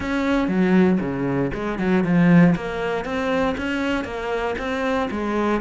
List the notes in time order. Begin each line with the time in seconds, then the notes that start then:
0.00 C#4
0.48 F#3
1.00 C#3
1.53 G#3
1.78 F#3
2.04 F3
2.55 A#3
3.04 C4
3.57 C#4
4.04 A#3
4.58 C4
5.11 G#3